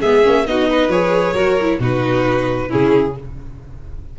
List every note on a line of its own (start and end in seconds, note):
0.00 0.25 G#3
0.00 0.23 B3
0.00 0.45 G#4
0.00 0.46 E5
0.23 0.47 A#3
0.23 0.45 C#4
0.47 0.88 B3
0.47 0.92 D#4
0.47 0.70 F#4
0.47 0.91 D#5
0.70 1.34 B4
0.88 1.33 F3
0.88 1.36 G#4
0.88 1.80 C#5
1.33 1.78 F#3
1.33 1.60 F#4
1.33 1.79 A#4
1.61 1.81 E4
1.79 2.69 B2
1.79 2.69 D#4
1.79 2.69 F#4
1.79 2.71 B4
2.69 3.19 C#3
2.69 3.14 C#4
2.69 3.14 E4
2.69 3.16 G#4